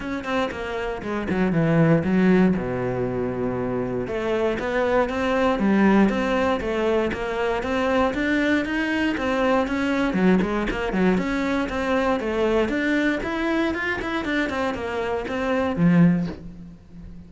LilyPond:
\new Staff \with { instrumentName = "cello" } { \time 4/4 \tempo 4 = 118 cis'8 c'8 ais4 gis8 fis8 e4 | fis4 b,2. | a4 b4 c'4 g4 | c'4 a4 ais4 c'4 |
d'4 dis'4 c'4 cis'4 | fis8 gis8 ais8 fis8 cis'4 c'4 | a4 d'4 e'4 f'8 e'8 | d'8 c'8 ais4 c'4 f4 | }